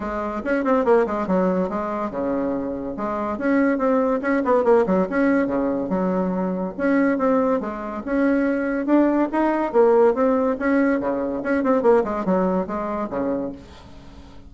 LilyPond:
\new Staff \with { instrumentName = "bassoon" } { \time 4/4 \tempo 4 = 142 gis4 cis'8 c'8 ais8 gis8 fis4 | gis4 cis2 gis4 | cis'4 c'4 cis'8 b8 ais8 fis8 | cis'4 cis4 fis2 |
cis'4 c'4 gis4 cis'4~ | cis'4 d'4 dis'4 ais4 | c'4 cis'4 cis4 cis'8 c'8 | ais8 gis8 fis4 gis4 cis4 | }